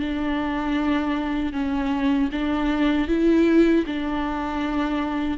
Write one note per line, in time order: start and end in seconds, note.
0.00 1.53 D4
1.53 2.30 C#4
2.32 3.08 D4
3.08 3.85 E4
3.87 5.38 D4